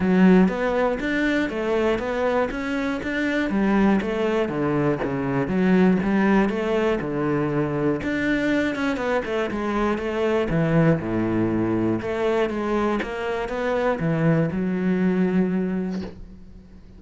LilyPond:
\new Staff \with { instrumentName = "cello" } { \time 4/4 \tempo 4 = 120 fis4 b4 d'4 a4 | b4 cis'4 d'4 g4 | a4 d4 cis4 fis4 | g4 a4 d2 |
d'4. cis'8 b8 a8 gis4 | a4 e4 a,2 | a4 gis4 ais4 b4 | e4 fis2. | }